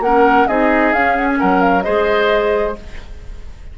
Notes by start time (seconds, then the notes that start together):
0.00 A#3 C#4 A#4 F#5
0.48 C4 D#4 G#4 D#5
0.94 C#4 F5
1.17 F#5
1.29 G#5
1.40 F#3 A#4 F#5
1.62 F5
1.83 G#3 G#4 C5 D#5